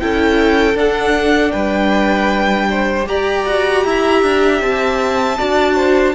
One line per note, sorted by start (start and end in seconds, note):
0.00 0.75 C#4
0.00 0.75 E4
0.00 1.53 A4
0.00 0.77 G5
0.75 1.52 D4
0.75 3.06 D4
0.75 1.52 F#5
1.52 3.08 G3
1.52 2.68 B4
1.52 3.06 G5
2.71 3.09 C5
3.06 5.36 G4
3.06 3.46 G4
3.06 3.87 D5
3.06 4.62 A#5
3.46 3.85 F#4
3.85 4.23 E4
3.85 5.38 E5
4.23 4.61 D4
4.61 5.38 C4
4.61 6.15 A5
5.38 6.15 D4
5.38 6.15 F#4
5.38 5.76 D5
5.76 6.14 C5